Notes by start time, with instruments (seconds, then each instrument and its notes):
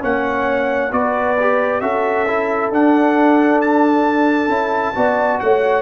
0.00 tuba A#3, trombone C#4, horn C#5, trumpet F#5
0.91 tuba B3, trombone F#4, horn B4, trumpet D5
1.40 trombone G4
1.80 tuba C#4, trombone F#4, horn A4, trumpet E5
2.28 trombone E4
2.71 tuba D4, trombone D4, trumpet F#5
3.61 trumpet A5
4.48 tuba C#4, trombone E4
4.95 tuba B3, trombone F#4, horn D5
5.40 tuba A3, horn C#5, trumpet F#5